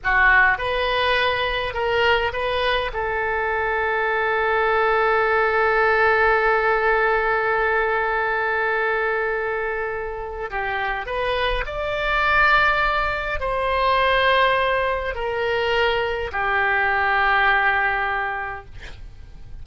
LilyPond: \new Staff \with { instrumentName = "oboe" } { \time 4/4 \tempo 4 = 103 fis'4 b'2 ais'4 | b'4 a'2.~ | a'1~ | a'1~ |
a'2 g'4 b'4 | d''2. c''4~ | c''2 ais'2 | g'1 | }